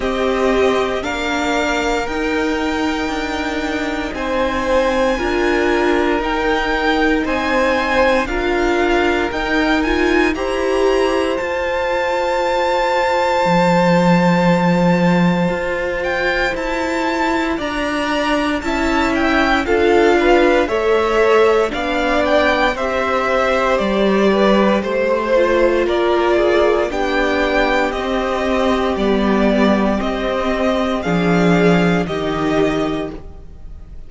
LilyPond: <<
  \new Staff \with { instrumentName = "violin" } { \time 4/4 \tempo 4 = 58 dis''4 f''4 g''2 | gis''2 g''4 gis''4 | f''4 g''8 gis''8 ais''4 a''4~ | a''2.~ a''8 g''8 |
a''4 ais''4 a''8 g''8 f''4 | e''4 f''8 g''8 e''4 d''4 | c''4 d''4 g''4 dis''4 | d''4 dis''4 f''4 dis''4 | }
  \new Staff \with { instrumentName = "violin" } { \time 4/4 g'4 ais'2. | c''4 ais'2 c''4 | ais'2 c''2~ | c''1~ |
c''4 d''4 e''4 a'8 b'8 | cis''4 d''4 c''4. b'8 | c''4 ais'8 gis'8 g'2~ | g'2 gis'4 g'4 | }
  \new Staff \with { instrumentName = "viola" } { \time 4/4 c'4 d'4 dis'2~ | dis'4 f'4 dis'2 | f'4 dis'8 f'8 g'4 f'4~ | f'1~ |
f'2 e'4 f'4 | a'4 d'4 g'2~ | g'8 f'4. d'4 c'4 | b4 c'4 d'4 dis'4 | }
  \new Staff \with { instrumentName = "cello" } { \time 4/4 c'4 ais4 dis'4 d'4 | c'4 d'4 dis'4 c'4 | d'4 dis'4 e'4 f'4~ | f'4 f2 f'4 |
e'4 d'4 cis'4 d'4 | a4 b4 c'4 g4 | a4 ais4 b4 c'4 | g4 c'4 f4 dis4 | }
>>